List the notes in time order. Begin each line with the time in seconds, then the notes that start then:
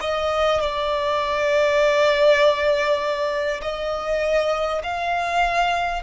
0.00 D#5
0.61 D5
3.62 D#5
4.83 F5